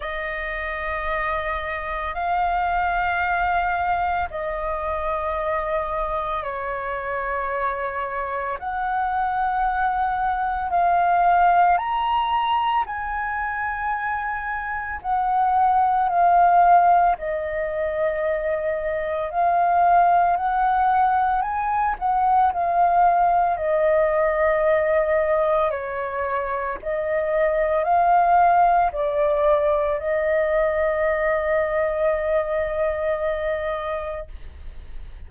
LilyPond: \new Staff \with { instrumentName = "flute" } { \time 4/4 \tempo 4 = 56 dis''2 f''2 | dis''2 cis''2 | fis''2 f''4 ais''4 | gis''2 fis''4 f''4 |
dis''2 f''4 fis''4 | gis''8 fis''8 f''4 dis''2 | cis''4 dis''4 f''4 d''4 | dis''1 | }